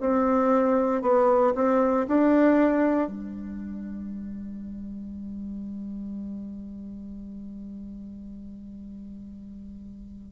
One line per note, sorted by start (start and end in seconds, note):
0.00 1.02 C4
1.02 1.53 B3
1.55 2.06 C4
2.07 3.08 D4
3.08 10.32 G3